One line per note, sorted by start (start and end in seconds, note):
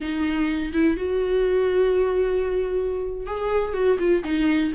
0.00 0.72 D#4
0.72 0.96 E4
0.96 3.26 F#4
3.26 3.73 G#4
3.73 3.97 F#4
3.98 4.23 F4
4.23 4.72 D#4